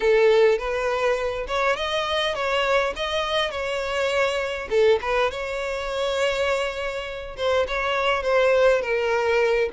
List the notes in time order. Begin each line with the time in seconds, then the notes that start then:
0.00 A4
0.58 B4
1.47 C#5
1.76 D#5
2.34 C#5
2.96 D#5
3.51 C#5
4.70 A4
5.01 B4
5.30 C#5
7.36 C5
7.67 C#5
8.22 C5
8.81 A#4